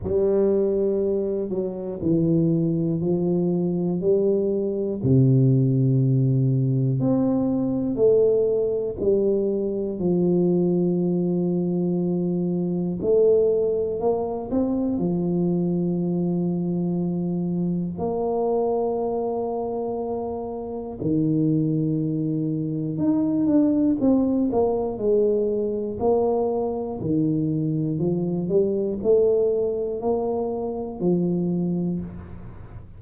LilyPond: \new Staff \with { instrumentName = "tuba" } { \time 4/4 \tempo 4 = 60 g4. fis8 e4 f4 | g4 c2 c'4 | a4 g4 f2~ | f4 a4 ais8 c'8 f4~ |
f2 ais2~ | ais4 dis2 dis'8 d'8 | c'8 ais8 gis4 ais4 dis4 | f8 g8 a4 ais4 f4 | }